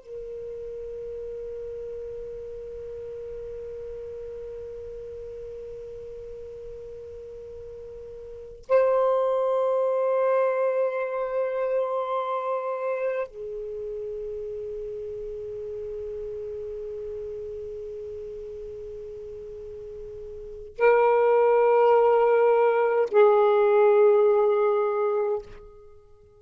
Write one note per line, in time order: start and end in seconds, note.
0.00 8.65 A#4
8.69 13.27 C5
13.27 20.77 G#4
20.78 23.09 A#4
23.11 25.42 G#4